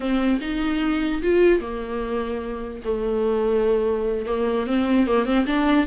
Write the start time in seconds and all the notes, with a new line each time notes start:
0.00 C4
0.41 D#4
1.22 F4
1.60 A#3
2.84 A3
4.26 A#3
4.66 C4
5.07 A#3
5.25 C4
5.46 D4